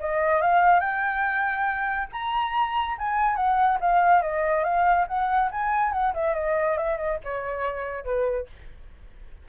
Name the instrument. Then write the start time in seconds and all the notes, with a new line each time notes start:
flute
0.00 D#5
0.41 F5
0.80 G5
2.12 A#5
2.98 G#5
3.36 F#5
3.80 F5
4.22 D#5
4.64 F5
5.08 F#5
5.51 G#5
5.92 F#5
6.14 E5
6.34 D#5
6.77 E5
6.97 D#5
7.24 C#5
8.04 B4